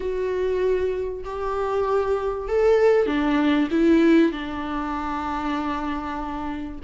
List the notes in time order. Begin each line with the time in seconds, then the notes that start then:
0.00 F#4
1.24 G4
2.48 A4
3.06 D4
3.71 E4
4.32 D4